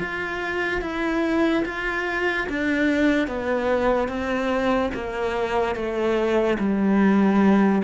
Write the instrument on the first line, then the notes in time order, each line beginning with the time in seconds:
cello
0.00 F4
0.81 E4
1.65 F4
2.49 D4
3.27 B3
4.08 C4
4.94 A#3
5.75 A3
6.59 G3